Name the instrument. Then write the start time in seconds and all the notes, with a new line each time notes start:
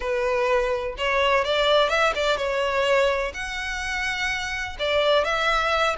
violin
0.00 B4
0.97 C#5
1.44 D5
1.89 E5
2.15 D5
2.37 C#5
3.33 F#5
4.79 D5
5.24 E5